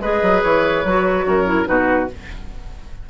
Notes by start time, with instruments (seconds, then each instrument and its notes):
0.00 bassoon G#3, clarinet G#4, oboe B4, flute D#5
0.23 bassoon F#3
0.43 bassoon E3, flute C#5
0.85 bassoon F#3, clarinet F#4
1.27 bassoon F#2, oboe A#4
1.46 clarinet E4
1.65 bassoon B2, clarinet D#4, oboe F#4, flute B4